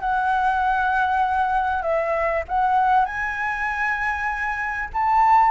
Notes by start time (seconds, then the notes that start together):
0.00 F#5
1.82 E5
2.48 F#5
3.05 G#5
4.93 A5